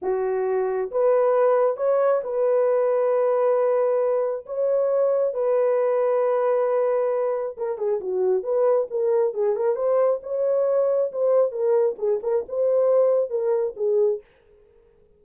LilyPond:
\new Staff \with { instrumentName = "horn" } { \time 4/4 \tempo 4 = 135 fis'2 b'2 | cis''4 b'2.~ | b'2 cis''2 | b'1~ |
b'4 ais'8 gis'8 fis'4 b'4 | ais'4 gis'8 ais'8 c''4 cis''4~ | cis''4 c''4 ais'4 gis'8 ais'8 | c''2 ais'4 gis'4 | }